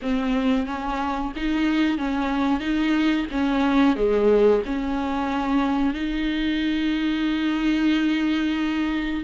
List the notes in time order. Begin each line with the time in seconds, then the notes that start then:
0.02 C4
0.66 C#4
1.35 D#4
1.98 C#4
2.60 D#4
3.31 C#4
3.96 G#3
4.65 C#4
5.93 D#4